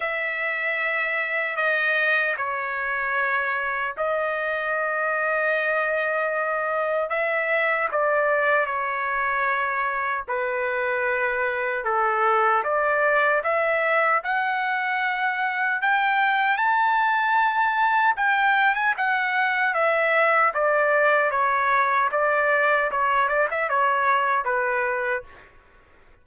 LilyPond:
\new Staff \with { instrumentName = "trumpet" } { \time 4/4 \tempo 4 = 76 e''2 dis''4 cis''4~ | cis''4 dis''2.~ | dis''4 e''4 d''4 cis''4~ | cis''4 b'2 a'4 |
d''4 e''4 fis''2 | g''4 a''2 g''8. gis''16 | fis''4 e''4 d''4 cis''4 | d''4 cis''8 d''16 e''16 cis''4 b'4 | }